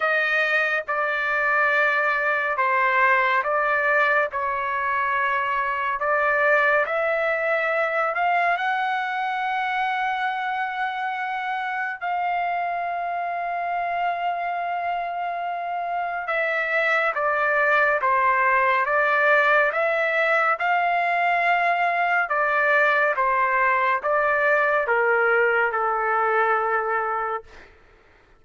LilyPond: \new Staff \with { instrumentName = "trumpet" } { \time 4/4 \tempo 4 = 70 dis''4 d''2 c''4 | d''4 cis''2 d''4 | e''4. f''8 fis''2~ | fis''2 f''2~ |
f''2. e''4 | d''4 c''4 d''4 e''4 | f''2 d''4 c''4 | d''4 ais'4 a'2 | }